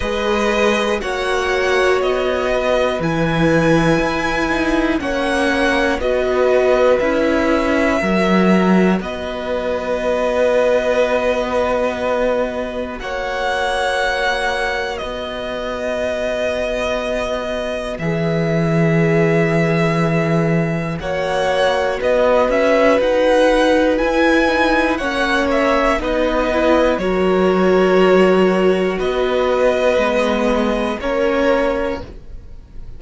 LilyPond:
<<
  \new Staff \with { instrumentName = "violin" } { \time 4/4 \tempo 4 = 60 dis''4 fis''4 dis''4 gis''4~ | gis''4 fis''4 dis''4 e''4~ | e''4 dis''2.~ | dis''4 fis''2 dis''4~ |
dis''2 e''2~ | e''4 fis''4 dis''8 e''8 fis''4 | gis''4 fis''8 e''8 dis''4 cis''4~ | cis''4 dis''2 cis''4 | }
  \new Staff \with { instrumentName = "violin" } { \time 4/4 b'4 cis''4. b'4.~ | b'4 cis''4 b'2 | ais'4 b'2.~ | b'4 cis''2 b'4~ |
b'1~ | b'4 cis''4 b'2~ | b'4 cis''4 b'4 ais'4~ | ais'4 b'2 ais'4 | }
  \new Staff \with { instrumentName = "viola" } { \time 4/4 gis'4 fis'2 e'4~ | e'8 dis'8 cis'4 fis'4 e'4 | fis'1~ | fis'1~ |
fis'2 gis'2~ | gis'4 fis'2. | e'8 dis'8 cis'4 dis'8 e'8 fis'4~ | fis'2 b4 cis'4 | }
  \new Staff \with { instrumentName = "cello" } { \time 4/4 gis4 ais4 b4 e4 | e'4 ais4 b4 cis'4 | fis4 b2.~ | b4 ais2 b4~ |
b2 e2~ | e4 ais4 b8 cis'8 dis'4 | e'4 ais4 b4 fis4~ | fis4 b4 gis4 ais4 | }
>>